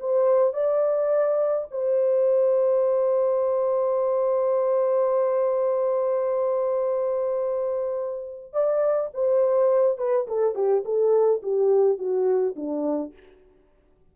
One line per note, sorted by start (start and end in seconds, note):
0.00 0.54 C5
0.54 1.68 D5
1.71 8.53 C5
8.53 9.10 D5
9.14 9.98 C5
9.98 10.27 B4
10.28 10.55 A4
10.55 10.84 G4
10.85 11.42 A4
11.43 11.98 G4
11.98 12.56 F#4
12.56 13.13 D4